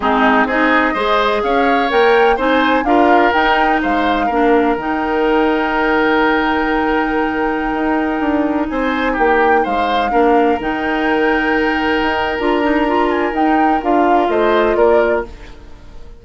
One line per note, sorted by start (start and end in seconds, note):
0.00 0.44 G#3
0.00 0.49 C4
0.00 0.47 D#4
0.00 0.46 G#4
0.44 0.92 C4
0.44 0.95 D#4
0.44 0.93 G#4
0.44 1.43 D#5
0.93 1.42 G#3
0.93 1.89 G#4
0.93 1.41 C5
1.43 1.90 C#4
1.43 2.36 C#5
1.43 1.90 F5
1.89 2.38 A#3
1.89 2.37 A#4
1.89 2.38 G5
2.36 2.83 C4
2.36 2.85 D#4
2.36 2.84 C5
2.36 2.84 G#5
2.83 3.31 D4
2.83 3.33 F4
2.83 3.82 A#4
2.83 3.32 F5
3.33 3.81 D#4
3.33 4.30 D#4
3.33 3.80 G5
3.82 4.29 G#3
3.82 4.26 C5
3.82 4.76 F5
4.26 4.76 A#3
4.26 4.78 D4
4.26 8.66 A#4
4.76 7.73 D#3
4.76 10.10 D#4
4.76 8.68 G5
7.73 8.19 D#4
8.19 8.67 D4
8.68 9.17 C4
8.68 9.12 C5
8.68 9.16 G#5
9.12 9.65 A#3
9.12 9.60 G4
9.19 9.65 G5
9.63 10.12 G#3
9.63 10.11 C5
9.63 10.60 F5
10.10 10.59 A#3
10.10 10.58 D4
10.10 14.28 A#4
10.59 12.01 D#3
10.59 12.38 D#4
10.59 12.39 G5
12.01 12.37 D#4
12.39 13.32 D4
12.39 12.62 F4
12.39 13.10 A#5
12.62 12.86 D#4
12.87 13.33 F4
13.10 13.34 G#5
13.32 13.80 D#4
13.32 13.82 G5
13.82 14.28 D4
13.82 15.25 F4
13.82 14.29 F5
14.28 14.75 A3
14.28 14.77 C5
14.28 14.75 D#5
14.75 15.23 A#3
14.75 15.24 A#4
14.75 15.23 D5